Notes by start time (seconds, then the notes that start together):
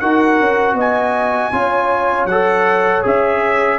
0.00 D#4 F#4 A#4 F#5
0.39 C#4
0.73 B3 D#5
0.80 G#5
1.52 C#4 F4 C#5
2.25 F#3 A4 F#5
3.03 C#4 G#4 E5